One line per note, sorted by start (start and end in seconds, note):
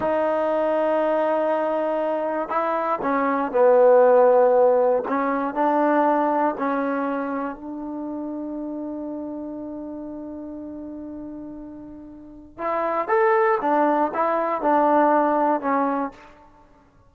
0.00 2.48 D#4
2.48 2.99 E4
3.02 3.51 C#4
3.51 5.03 B3
5.08 5.54 C#4
5.54 6.55 D4
6.58 7.55 C#4
7.55 12.58 D4
12.58 13.08 E4
13.08 13.58 A4
13.61 14.11 D4
14.13 14.61 E4
14.61 15.60 D4
15.60 16.11 C#4